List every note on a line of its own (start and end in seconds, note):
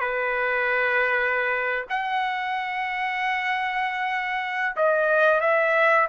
0.00 1.85 B4
1.89 4.76 F#5
4.76 5.41 D#5
5.41 6.08 E5